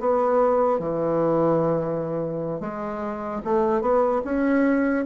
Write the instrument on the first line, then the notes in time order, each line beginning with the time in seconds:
bassoon
0.00 B3
0.79 E3
2.60 G#3
3.45 A3
3.81 B3
4.24 C#4